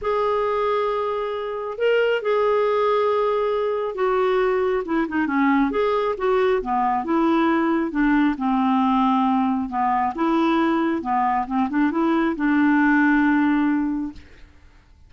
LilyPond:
\new Staff \with { instrumentName = "clarinet" } { \time 4/4 \tempo 4 = 136 gis'1 | ais'4 gis'2.~ | gis'4 fis'2 e'8 dis'8 | cis'4 gis'4 fis'4 b4 |
e'2 d'4 c'4~ | c'2 b4 e'4~ | e'4 b4 c'8 d'8 e'4 | d'1 | }